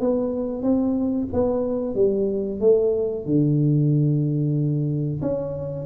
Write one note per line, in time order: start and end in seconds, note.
0.00 0.62 B3
0.62 1.27 C4
1.33 1.95 B3
1.95 2.60 G3
2.60 3.25 A3
3.25 5.21 D3
5.21 5.85 C#4